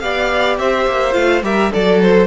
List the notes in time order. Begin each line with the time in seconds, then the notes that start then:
0.00 B3 G4 D5 F5
0.59 C4 C5 E5
0.88 A#3
1.13 A3 F4 F5
1.43 G3 G4 A#4 E5
1.72 F#3 A4 D5
2.02 C5